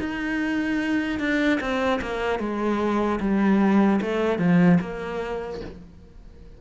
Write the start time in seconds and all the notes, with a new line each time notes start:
0.00 D#4
1.20 D4
1.61 C4
2.02 A#3
2.40 G#3
3.21 G3
4.02 A3
4.39 F3
4.81 A#3